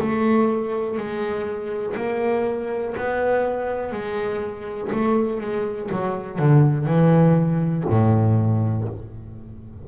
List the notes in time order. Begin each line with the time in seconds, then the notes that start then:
0.00 A3
0.97 G#3
1.97 A#3
2.97 B3
3.93 G#3
4.92 A3
5.41 G#3
5.92 F#3
6.39 D3
6.86 E3
7.90 A2